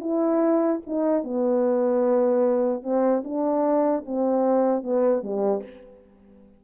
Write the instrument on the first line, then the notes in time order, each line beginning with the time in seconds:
horn
0.00 E4
0.86 D#4
1.24 B3
2.83 C4
3.24 D4
4.05 C4
4.83 B3
5.23 G3